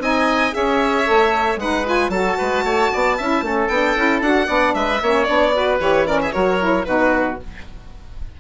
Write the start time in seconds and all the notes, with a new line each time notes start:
0.00 C4 D#4 D#5 G#5
0.53 C#4 G#4 C#5 E5
1.04 A3 A4
1.56 G#3 D#4 B4 F#5
1.85 F4 G#5
2.09 F#3 F#4 A4 A5
2.38 G#3 B4
2.63 A3 C#5
2.93 B3 D5
3.17 C#4 E4 E5
3.42 A3 C#4 A4
3.68 B3 D4 G5
3.96 C#4 E4
4.21 D4 F#4 F#5
4.46 B3 D4 D5
4.75 G#3 B4 E5
5.02 A#3 C#4 C#5
5.24 B3 D4 D5
5.54 F#4 B4
5.79 E3 G4 C#5
6.06 C#4 A#4 D5
6.22 G#4 E5
6.32 F#3 F#4 A#4 C#5
6.59 E4
6.85 B2 D#4 F#4 B4